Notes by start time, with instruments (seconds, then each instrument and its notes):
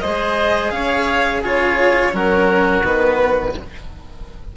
0.00 bassoon G#3, cello G#4, oboe C5, violin D#5
0.70 bassoon C#4, oboe C#5, violin F5
1.41 bassoon C#3, cello F4, oboe G#4, violin C#5
2.11 bassoon F#3, cello C#4, oboe F#4, violin A#4
2.83 bassoon D#3, cello B3, violin B4